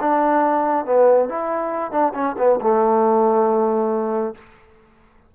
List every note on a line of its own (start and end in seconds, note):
0.00 0.85 D4
0.85 1.29 B3
1.29 1.91 E4
1.91 2.13 D4
2.14 2.36 C#4
2.38 2.60 B3
2.61 4.35 A3